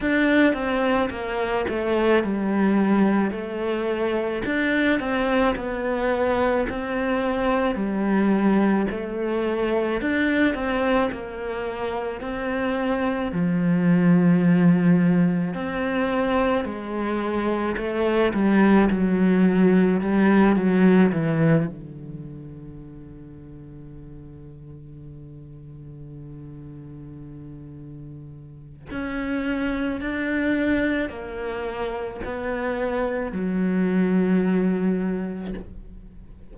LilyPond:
\new Staff \with { instrumentName = "cello" } { \time 4/4 \tempo 4 = 54 d'8 c'8 ais8 a8 g4 a4 | d'8 c'8 b4 c'4 g4 | a4 d'8 c'8 ais4 c'4 | f2 c'4 gis4 |
a8 g8 fis4 g8 fis8 e8 d8~ | d1~ | d2 cis'4 d'4 | ais4 b4 fis2 | }